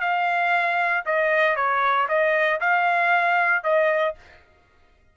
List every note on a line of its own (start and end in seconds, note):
0.00 1.03 F5
1.05 1.56 D#5
1.56 2.07 C#5
2.08 2.60 D#5
2.60 3.63 F5
3.63 4.15 D#5